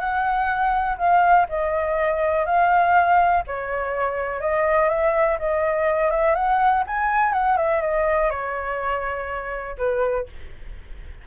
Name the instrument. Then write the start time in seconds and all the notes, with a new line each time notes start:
flute
0.00 F#5
0.98 F5
1.49 D#5
2.46 F5
3.47 C#5
4.41 D#5
4.89 E5
5.40 D#5
6.11 E5
6.35 F#5
6.88 G#5
7.33 F#5
7.57 E5
7.82 D#5
8.31 C#5
9.78 B4